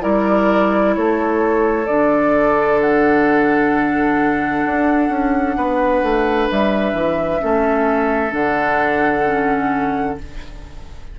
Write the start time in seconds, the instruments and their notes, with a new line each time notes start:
0.00 bassoon G3, clarinet E4, oboe A#4, flute D5
0.95 bassoon A3, oboe A4, flute C#5
1.87 bassoon D3, clarinet D4, flute D5
2.80 flute F#5
4.65 bassoon D4
5.09 bassoon C#4
5.57 bassoon B3, oboe B4
6.02 bassoon A3
6.51 bassoon G3, flute E5
6.93 bassoon E3
7.40 bassoon A3, clarinet C#4, oboe A4
8.30 bassoon D3, clarinet D4, flute F#5
9.26 clarinet C#4